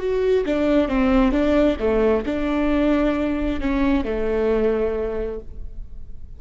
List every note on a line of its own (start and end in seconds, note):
0.00 0.45 F#4
0.46 0.89 D4
0.89 1.32 C4
1.32 1.77 D4
1.79 2.25 A3
2.26 3.61 D4
3.61 4.05 C#4
4.05 5.40 A3